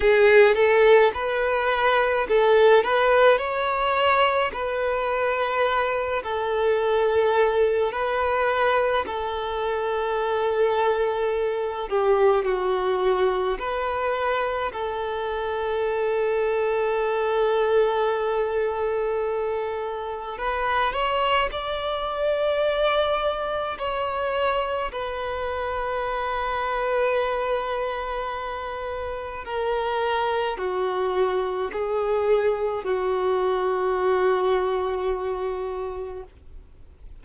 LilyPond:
\new Staff \with { instrumentName = "violin" } { \time 4/4 \tempo 4 = 53 gis'8 a'8 b'4 a'8 b'8 cis''4 | b'4. a'4. b'4 | a'2~ a'8 g'8 fis'4 | b'4 a'2.~ |
a'2 b'8 cis''8 d''4~ | d''4 cis''4 b'2~ | b'2 ais'4 fis'4 | gis'4 fis'2. | }